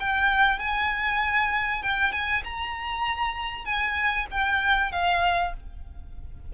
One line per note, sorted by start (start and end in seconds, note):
0.00 0.59 G5
0.59 1.83 G#5
1.83 2.13 G5
2.13 2.43 G#5
2.45 3.65 A#5
3.65 4.27 G#5
4.31 4.92 G5
4.92 5.54 F5